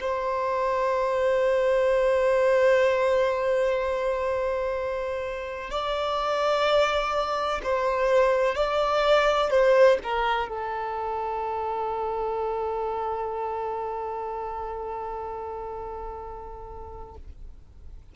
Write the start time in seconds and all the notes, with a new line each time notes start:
0.00 C5
5.71 D5
7.64 C5
8.55 D5
9.51 C5
10.03 A#4
10.49 A4